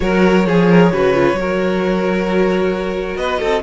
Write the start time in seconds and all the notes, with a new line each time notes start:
0.00 F#3 F#4 A#4 C#5
0.45 F3 G#4
0.69 A#4
0.92 C#3 F#4 B4
1.13 F4
1.32 F#3 F#4
1.39 A#4
3.16 B3 B4 D#5
3.39 C4 A4